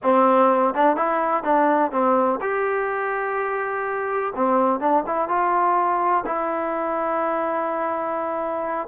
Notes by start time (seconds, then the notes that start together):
0.02 C4
0.74 D4
0.96 E4
1.43 D4
1.91 C4
2.41 G4
4.35 C4
4.79 D4
5.06 E4
5.28 F4
6.26 E4